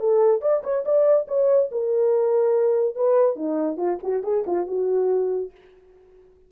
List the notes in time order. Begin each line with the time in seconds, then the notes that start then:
0.00 A4
0.42 D5
0.63 C#5
0.85 D5
1.28 C#5
1.72 A#4
2.96 B4
3.36 D#4
3.77 F4
4.03 F#4
4.23 G#4
4.47 F4
4.67 F#4